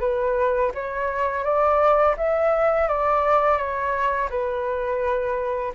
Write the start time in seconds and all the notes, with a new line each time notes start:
0.00 B4
0.74 C#5
1.44 D5
2.17 E5
2.88 D5
3.57 C#5
4.30 B4